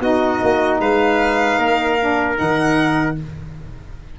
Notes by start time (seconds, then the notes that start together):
0.00 B3 D#4 F#4 D#5
0.42 A#3
0.80 G#3 B4 F5
1.58 A#3 A#4
2.00 D4
2.36 D#3 D#4 F#5